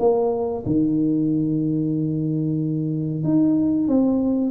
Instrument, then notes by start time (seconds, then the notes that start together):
tuba
0.00 A#3
0.66 D#3
3.24 D#4
3.88 C4